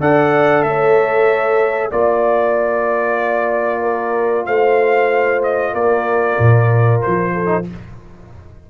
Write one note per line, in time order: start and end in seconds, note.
0.00 0.63 D4
0.00 1.91 A4
0.00 0.66 D5
0.00 0.62 F#5
0.62 1.91 A3
0.62 1.91 C#5
0.62 1.90 E5
1.91 4.47 A#3
1.91 7.46 F4
1.91 3.82 D5
1.91 4.45 D5
3.82 4.46 A#4
4.45 5.74 A3
4.45 5.73 C5
4.45 5.41 F5
5.43 5.74 D#5
5.73 6.38 A#3
5.73 7.33 A#4
5.73 7.01 D5
6.38 7.02 A#2
7.01 7.70 F3
7.01 7.65 C5
7.33 7.65 A4
7.46 7.62 D#4